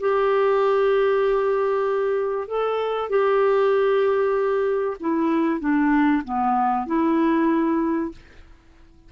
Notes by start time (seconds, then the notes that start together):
0.00 G4
2.48 A4
3.10 G4
5.00 E4
5.60 D4
6.24 B3
6.87 E4